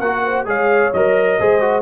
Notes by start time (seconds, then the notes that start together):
0.00 A#3 F#4 A#4 F#5
0.23 C5
0.46 G#3 G#4 C#5 F5
0.93 F#3 A#4 D#5
1.40 G#3 G#4 C5
1.61 F#4